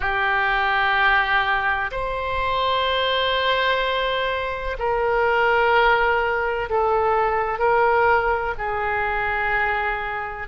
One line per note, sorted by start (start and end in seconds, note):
0.00 1.90 G4
1.91 4.77 C5
4.78 6.69 A#4
6.69 7.58 A4
7.58 8.54 A#4
8.58 10.48 G#4